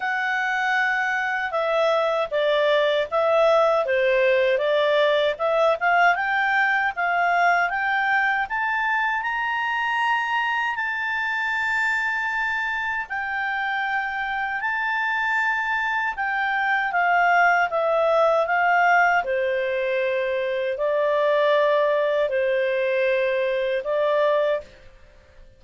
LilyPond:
\new Staff \with { instrumentName = "clarinet" } { \time 4/4 \tempo 4 = 78 fis''2 e''4 d''4 | e''4 c''4 d''4 e''8 f''8 | g''4 f''4 g''4 a''4 | ais''2 a''2~ |
a''4 g''2 a''4~ | a''4 g''4 f''4 e''4 | f''4 c''2 d''4~ | d''4 c''2 d''4 | }